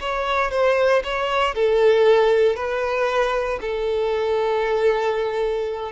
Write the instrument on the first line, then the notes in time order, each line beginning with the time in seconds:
violin
0.00 C#5
0.51 C5
1.04 C#5
1.55 A4
2.56 B4
3.61 A4